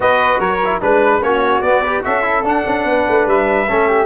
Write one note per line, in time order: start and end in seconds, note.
0.00 0.39 B3
0.00 0.59 F#4
0.00 0.39 B4
0.00 0.40 D#5
0.39 0.79 F#3
0.39 0.80 A#4
0.39 0.81 C#5
0.64 0.81 E4
0.81 1.22 G#3
0.81 1.21 D4
0.81 1.22 B4
0.81 1.23 B4
1.21 1.61 A#3
1.21 1.62 C#4
1.21 1.82 F#4
1.21 1.61 C#5
1.61 2.01 B3
1.61 1.85 B3
1.61 2.02 D5
1.82 2.03 G4
1.82 2.03 B4
2.03 2.43 C#4
2.03 2.22 F#4
2.03 2.87 A4
2.03 2.45 E5
2.22 2.43 E4
2.43 2.63 D4
2.43 3.67 D4
2.43 3.28 F#5
2.66 2.84 C#4
2.84 3.04 B3
2.84 3.68 B4
3.08 3.26 A3
3.26 3.67 G3
3.26 4.06 E5
3.67 4.06 A3
3.67 4.06 C#4
3.67 3.87 A4
3.87 4.06 G4